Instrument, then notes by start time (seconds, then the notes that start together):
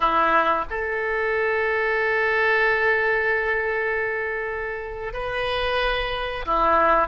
oboe
0.00 E4
0.70 A4
5.13 B4
6.45 E4